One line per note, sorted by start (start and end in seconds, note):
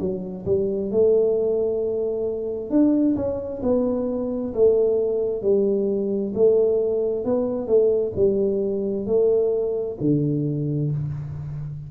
0.00 0.45 F#3
0.46 0.91 G3
0.91 2.70 A3
2.70 3.16 D4
3.16 3.62 C#4
3.63 4.54 B3
4.54 5.42 A3
5.42 6.33 G3
6.35 7.25 A3
7.25 7.67 B3
7.67 8.13 A3
8.16 9.07 G3
9.07 9.98 A3
10.01 10.92 D3